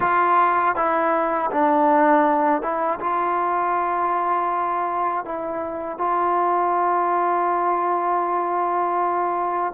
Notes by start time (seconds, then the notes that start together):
0.00 F4
0.75 E4
1.51 D4
2.61 E4
3.00 F4
5.24 E4
5.98 F4